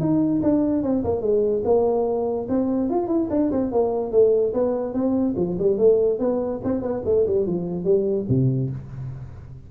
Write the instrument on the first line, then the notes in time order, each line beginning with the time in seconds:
tuba
0.00 D#4
0.43 D4
0.83 C4
1.04 A#3
1.22 G#3
1.65 A#3
2.49 C4
2.90 F4
3.08 E4
3.30 D4
3.52 C4
3.72 A#3
4.12 A3
4.54 B3
4.94 C4
5.37 F3
5.59 G3
5.78 A3
6.20 B3
6.64 C4
6.82 B3
7.06 A3
7.27 G3
7.47 F3
7.85 G3
8.29 C3